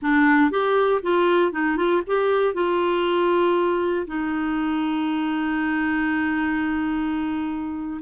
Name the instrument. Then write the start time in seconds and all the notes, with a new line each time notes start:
clarinet
0.01 D4
0.50 G4
1.02 F4
1.51 D#4
1.76 F4
2.06 G4
2.54 F4
4.06 D#4